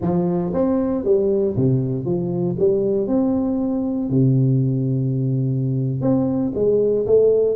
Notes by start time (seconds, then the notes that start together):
0.01 F3
0.53 C4
1.04 G3
1.55 C3
2.05 F3
2.58 G3
3.07 C4
4.09 C3
6.01 C4
6.54 G#3
7.06 A3